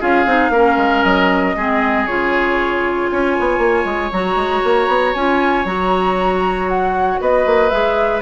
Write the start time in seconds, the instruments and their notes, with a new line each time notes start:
0.00 bassoon C#4, clarinet F4, oboe G#4, flute F5
0.25 bassoon C4, clarinet D#4
0.50 bassoon A#3, clarinet C#4, oboe A#4
0.77 bassoon G#3
1.04 bassoon F#3, flute D#5
1.55 bassoon G#3, clarinet C4, oboe G#4
2.06 bassoon C#3, clarinet F4, flute C#5
3.09 bassoon C#4, oboe C#5, flute G#5
3.40 bassoon B3
3.58 bassoon A#3
3.85 bassoon G#3
4.12 bassoon F#3, clarinet F#4, flute A#5
4.35 bassoon G#3
4.64 bassoon A#3
4.88 bassoon B3
5.14 bassoon C#4, clarinet F4, flute G#5
5.65 bassoon F#3, clarinet F#4, flute A#5
6.68 flute F#5
7.20 bassoon B3, oboe B4, flute D#5
7.45 bassoon A#3
7.69 bassoon G#3, clarinet G#4, flute E5